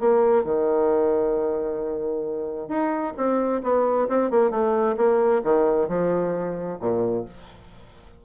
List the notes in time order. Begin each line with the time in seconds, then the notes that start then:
0.00 A#3
0.44 D#3
2.68 D#4
3.17 C4
3.63 B3
4.09 C4
4.31 A#3
4.51 A3
4.97 A#3
5.44 D#3
5.88 F3
6.80 A#2